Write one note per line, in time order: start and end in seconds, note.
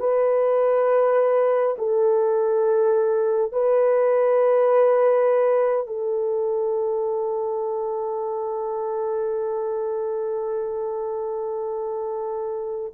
0.00 1.76 B4
1.79 3.52 A4
3.52 5.88 B4
5.88 12.94 A4